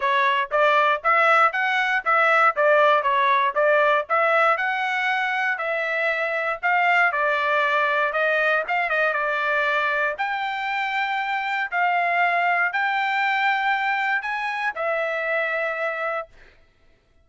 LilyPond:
\new Staff \with { instrumentName = "trumpet" } { \time 4/4 \tempo 4 = 118 cis''4 d''4 e''4 fis''4 | e''4 d''4 cis''4 d''4 | e''4 fis''2 e''4~ | e''4 f''4 d''2 |
dis''4 f''8 dis''8 d''2 | g''2. f''4~ | f''4 g''2. | gis''4 e''2. | }